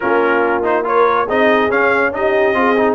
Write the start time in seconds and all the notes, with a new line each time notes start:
0.00 A#3 C#4 F4 A#4
0.62 D#4 C5
0.84 F4 A#4 C#5
1.25 C4 D#4 G#4 D#5
1.70 C#4 F5
2.12 D#4 G4 D#5
2.54 C4 F4 G#4
2.76 D#4